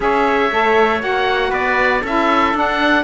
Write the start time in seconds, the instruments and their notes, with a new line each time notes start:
0.00 cello C#4, saxophone G#4, trumpet C#5, oboe E5
0.51 cello A3, saxophone A4
1.00 cello A#3, saxophone F#4, oboe F#5
1.50 cello B3, trumpet B4, oboe D5
2.01 cello C#4, saxophone E4, trumpet A4, oboe E5
2.53 cello D4, saxophone D4, oboe F#5